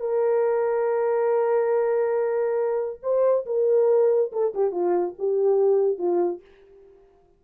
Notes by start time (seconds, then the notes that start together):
0.00 A#4
3.02 C5
3.46 A#4
4.32 A4
4.54 G4
4.71 F4
5.18 G4
5.98 F4